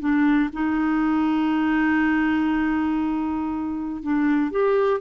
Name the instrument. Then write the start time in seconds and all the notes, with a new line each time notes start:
clarinet
0.00 D4
0.53 D#4
4.02 D4
4.51 G4